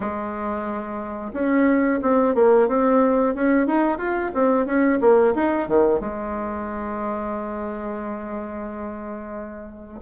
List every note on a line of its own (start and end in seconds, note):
0.00 1.32 G#3
1.33 1.99 C#4
2.02 2.34 C4
2.34 2.68 A#3
2.68 3.34 C4
3.34 3.67 C#4
3.67 3.98 D#4
3.98 4.31 F4
4.34 4.65 C4
4.65 4.99 C#4
5.00 5.34 A#3
5.35 5.68 D#4
5.68 6.00 D#3
6.00 10.00 G#3